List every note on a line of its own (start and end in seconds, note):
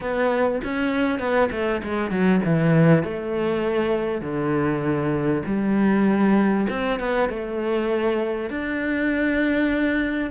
0.00 0.61 B3
0.64 1.19 C#4
1.19 1.49 B3
1.51 1.82 A3
1.83 2.10 G#3
2.10 2.40 F#3
2.45 3.03 E3
3.03 4.21 A3
4.21 5.42 D3
5.46 6.67 G3
6.69 6.99 C4
6.99 7.29 B3
7.29 8.50 A3
8.50 10.30 D4